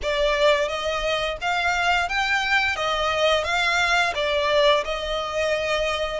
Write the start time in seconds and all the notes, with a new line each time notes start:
0.02 D5
0.68 D#5
1.41 F5
2.08 G5
2.76 D#5
3.44 F5
4.14 D5
4.84 D#5